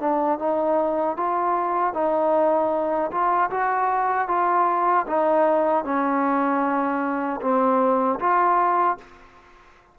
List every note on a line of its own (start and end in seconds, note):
0.00 0.39 D4
0.39 1.17 D#4
1.17 1.94 F4
1.94 3.11 D#4
3.11 3.50 F4
3.51 4.28 F#4
4.28 5.06 F4
5.07 5.85 D#4
5.85 7.41 C#4
7.41 8.19 C4
8.20 8.98 F4